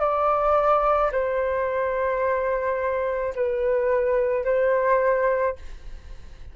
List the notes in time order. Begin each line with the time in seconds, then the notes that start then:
0.00 D5
1.12 C5
3.35 B4
4.44 C5